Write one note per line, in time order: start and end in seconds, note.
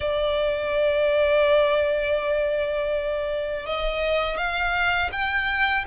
0.00 3.66 D5
3.66 4.37 D#5
4.37 5.10 F5
5.12 5.85 G5